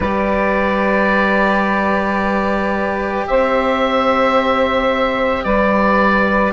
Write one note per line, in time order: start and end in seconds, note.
0.00 3.24 G3
0.00 6.53 G4
0.00 3.27 B4
0.00 3.27 D5
3.27 5.44 C4
3.27 5.44 C5
3.27 5.43 E5
5.43 6.53 G3
5.43 6.53 B4
5.43 6.52 D5